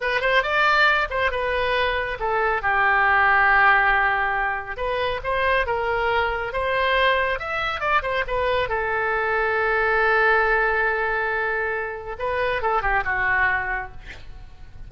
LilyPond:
\new Staff \with { instrumentName = "oboe" } { \time 4/4 \tempo 4 = 138 b'8 c''8 d''4. c''8 b'4~ | b'4 a'4 g'2~ | g'2. b'4 | c''4 ais'2 c''4~ |
c''4 e''4 d''8 c''8 b'4 | a'1~ | a'1 | b'4 a'8 g'8 fis'2 | }